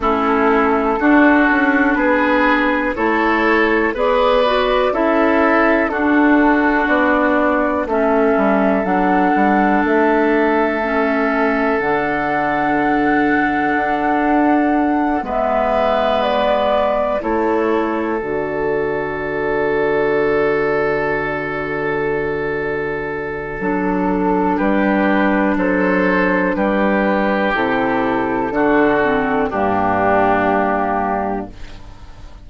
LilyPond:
<<
  \new Staff \with { instrumentName = "flute" } { \time 4/4 \tempo 4 = 61 a'2 b'4 cis''4 | d''4 e''4 a'4 d''4 | e''4 fis''4 e''2 | fis''2.~ fis''8 e''8~ |
e''8 d''4 cis''4 d''4.~ | d''1 | a'4 b'4 c''4 b'4 | a'2 g'2 | }
  \new Staff \with { instrumentName = "oboe" } { \time 4/4 e'4 fis'4 gis'4 a'4 | b'4 a'4 fis'2 | a'1~ | a'2.~ a'8 b'8~ |
b'4. a'2~ a'8~ | a'1~ | a'4 g'4 a'4 g'4~ | g'4 fis'4 d'2 | }
  \new Staff \with { instrumentName = "clarinet" } { \time 4/4 cis'4 d'2 e'4 | gis'8 fis'8 e'4 d'2 | cis'4 d'2 cis'4 | d'2.~ d'8 b8~ |
b4. e'4 fis'4.~ | fis'1 | d'1 | e'4 d'8 c'8 ais2 | }
  \new Staff \with { instrumentName = "bassoon" } { \time 4/4 a4 d'8 cis'8 b4 a4 | b4 cis'4 d'4 b4 | a8 g8 fis8 g8 a2 | d2 d'4. gis8~ |
gis4. a4 d4.~ | d1 | fis4 g4 fis4 g4 | c4 d4 g,2 | }
>>